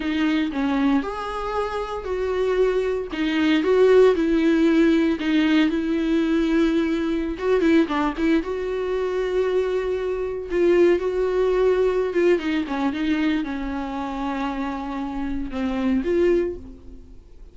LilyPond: \new Staff \with { instrumentName = "viola" } { \time 4/4 \tempo 4 = 116 dis'4 cis'4 gis'2 | fis'2 dis'4 fis'4 | e'2 dis'4 e'4~ | e'2~ e'16 fis'8 e'8 d'8 e'16~ |
e'16 fis'2.~ fis'8.~ | fis'16 f'4 fis'2~ fis'16 f'8 | dis'8 cis'8 dis'4 cis'2~ | cis'2 c'4 f'4 | }